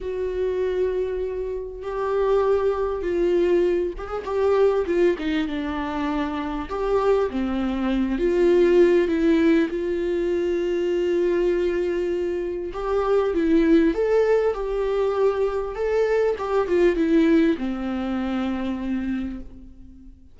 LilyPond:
\new Staff \with { instrumentName = "viola" } { \time 4/4 \tempo 4 = 99 fis'2. g'4~ | g'4 f'4. g'16 gis'16 g'4 | f'8 dis'8 d'2 g'4 | c'4. f'4. e'4 |
f'1~ | f'4 g'4 e'4 a'4 | g'2 a'4 g'8 f'8 | e'4 c'2. | }